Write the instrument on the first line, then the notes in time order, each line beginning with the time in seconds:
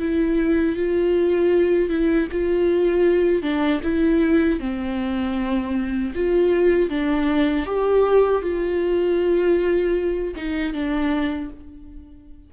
viola
0.00 E4
0.77 F4
1.90 E4
2.32 F4
3.43 D4
3.84 E4
4.60 C4
6.15 F4
6.90 D4
7.66 G4
8.43 F4
10.36 D#4
10.74 D4